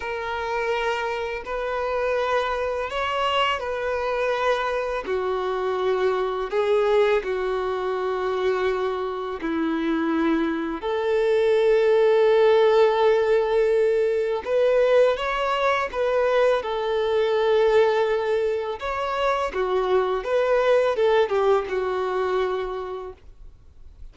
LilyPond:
\new Staff \with { instrumentName = "violin" } { \time 4/4 \tempo 4 = 83 ais'2 b'2 | cis''4 b'2 fis'4~ | fis'4 gis'4 fis'2~ | fis'4 e'2 a'4~ |
a'1 | b'4 cis''4 b'4 a'4~ | a'2 cis''4 fis'4 | b'4 a'8 g'8 fis'2 | }